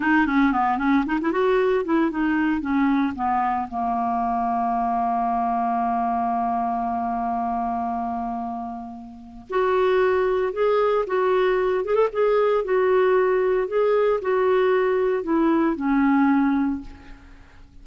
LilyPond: \new Staff \with { instrumentName = "clarinet" } { \time 4/4 \tempo 4 = 114 dis'8 cis'8 b8 cis'8 dis'16 e'16 fis'4 e'8 | dis'4 cis'4 b4 ais4~ | ais1~ | ais1~ |
ais2 fis'2 | gis'4 fis'4. gis'16 a'16 gis'4 | fis'2 gis'4 fis'4~ | fis'4 e'4 cis'2 | }